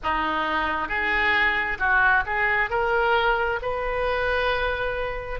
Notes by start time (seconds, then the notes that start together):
0.02 D#4
0.88 G#4
1.78 F#4
2.26 G#4
2.70 A#4
3.62 B4